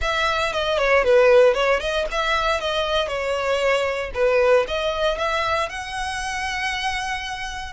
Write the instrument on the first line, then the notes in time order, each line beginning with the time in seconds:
violin
0.01 E5
0.52 D#5
0.78 C#5
1.03 B4
1.54 C#5
1.80 D#5
2.11 E5
2.60 D#5
3.07 C#5
4.14 B4
4.67 D#5
5.17 E5
5.69 F#5